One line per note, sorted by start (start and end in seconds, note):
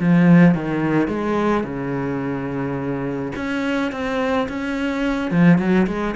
0.00 0.55 F3
0.55 1.08 D#3
1.08 1.64 G#3
1.64 3.32 C#3
3.36 3.92 C#4
3.92 4.48 C4
4.49 5.31 C#4
5.31 5.59 F3
5.59 5.87 F#3
5.87 6.15 G#3